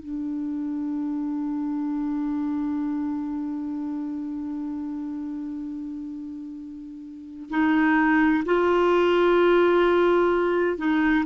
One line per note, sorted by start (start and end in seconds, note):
0.00 7.50 D4
7.50 8.44 D#4
8.46 10.78 F4
10.78 11.25 D#4